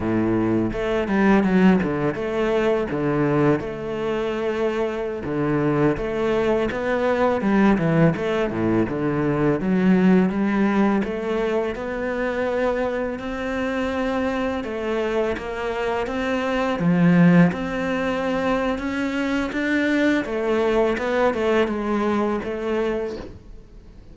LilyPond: \new Staff \with { instrumentName = "cello" } { \time 4/4 \tempo 4 = 83 a,4 a8 g8 fis8 d8 a4 | d4 a2~ a16 d8.~ | d16 a4 b4 g8 e8 a8 a,16~ | a,16 d4 fis4 g4 a8.~ |
a16 b2 c'4.~ c'16~ | c'16 a4 ais4 c'4 f8.~ | f16 c'4.~ c'16 cis'4 d'4 | a4 b8 a8 gis4 a4 | }